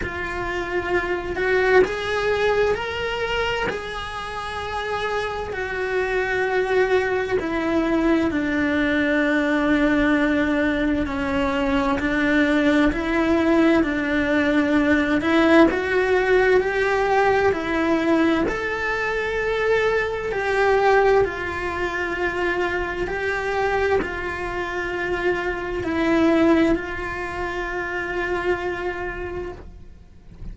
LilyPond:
\new Staff \with { instrumentName = "cello" } { \time 4/4 \tempo 4 = 65 f'4. fis'8 gis'4 ais'4 | gis'2 fis'2 | e'4 d'2. | cis'4 d'4 e'4 d'4~ |
d'8 e'8 fis'4 g'4 e'4 | a'2 g'4 f'4~ | f'4 g'4 f'2 | e'4 f'2. | }